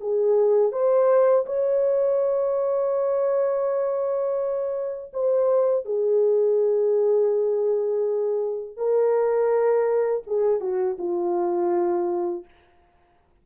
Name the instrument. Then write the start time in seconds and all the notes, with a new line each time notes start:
horn
0.00 G#4
0.72 C5
1.46 C#5
5.13 C5
5.85 G#4
8.76 A#4
10.27 G#4
10.60 F#4
10.98 F4